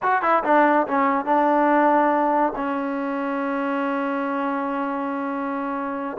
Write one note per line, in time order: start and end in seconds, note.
0.02 0.22 F#4
0.22 0.43 E4
0.44 0.86 D4
0.87 1.25 C#4
1.25 2.52 D4
2.55 6.17 C#4